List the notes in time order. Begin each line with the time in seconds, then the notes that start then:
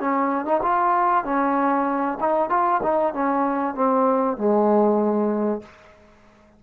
0.00 C#4
0.45 D#4
0.62 F4
1.24 C#4
2.20 D#4
2.49 F4
2.83 D#4
3.13 C#4
3.75 C4
4.37 G#3